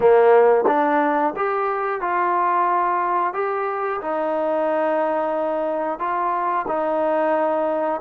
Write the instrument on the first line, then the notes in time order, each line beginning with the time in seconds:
trombone
0.00 A#3
0.67 D4
1.36 G4
2.00 F4
3.33 G4
4.01 D#4
5.98 F4
6.67 D#4